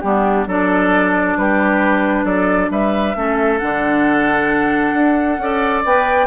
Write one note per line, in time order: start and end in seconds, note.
0.00 0.46 G3
0.00 0.48 B3
0.00 0.48 D4
0.00 0.45 G4
0.46 1.36 F#3
0.46 3.15 D4
0.46 1.37 A4
0.46 1.37 D5
1.37 2.24 G3
1.37 2.25 G4
1.37 2.25 B4
2.24 2.69 F#3
2.24 2.69 A4
2.24 2.70 D5
2.70 3.15 G3
2.70 3.16 B4
2.70 3.58 E5
3.15 3.60 A3
3.15 3.60 C#4
3.15 5.42 A4
3.58 4.94 D3
3.58 5.39 D4
3.58 5.82 F#5
4.94 5.38 D4
5.38 5.83 C#4
5.38 5.85 A4
5.38 6.27 D5
5.84 6.27 B3
5.84 6.27 B4
5.84 6.27 G5